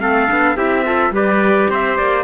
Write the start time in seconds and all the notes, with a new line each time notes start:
0.00 A3 C4 A4 F5
0.28 B3 D4
0.56 C4 E4 G4 E5
0.85 F4 A4
1.11 G3 G4 B4 D5
1.70 C4 C5 E5
1.97 A#3 D5